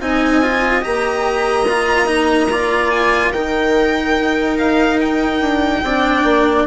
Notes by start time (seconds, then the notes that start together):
0.00 C4 D#4 D#5 G#5
0.42 F4
0.81 A#3 G4 A#5
1.69 F4
2.06 D#4
2.51 F4 D5
2.90 G#5
3.30 D#3 D#4 A#4 G5
4.19 D#4
4.58 F5
5.01 G5
5.41 D4
5.83 C4 D4 D5
6.23 A#3